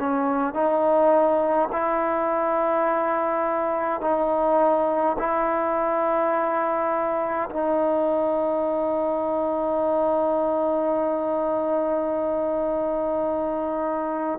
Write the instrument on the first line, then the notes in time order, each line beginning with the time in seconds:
trombone
0.00 C#4
0.54 D#4
1.73 E4
4.02 D#4
5.19 E4
7.51 D#4